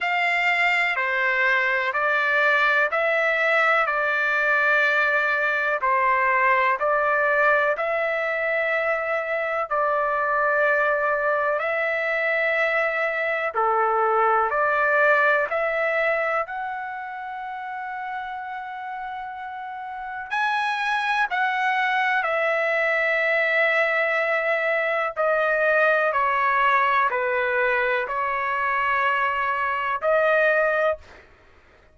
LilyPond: \new Staff \with { instrumentName = "trumpet" } { \time 4/4 \tempo 4 = 62 f''4 c''4 d''4 e''4 | d''2 c''4 d''4 | e''2 d''2 | e''2 a'4 d''4 |
e''4 fis''2.~ | fis''4 gis''4 fis''4 e''4~ | e''2 dis''4 cis''4 | b'4 cis''2 dis''4 | }